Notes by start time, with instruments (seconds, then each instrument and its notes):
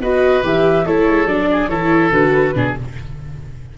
0.00 tuba B3, viola F#4, oboe B4, flute D#5
0.43 tuba E3, viola G4, flute E5
0.86 tuba A3, viola E4, oboe A4, flute C#5
1.08 tuba G#3
1.26 tuba F#3, viola D4, flute D5
1.52 oboe G#4
1.68 tuba E3, viola E4, oboe A4, flute C#5
2.12 tuba D3, viola F#4, flute B4
2.54 tuba B2, viola D4, oboe G#4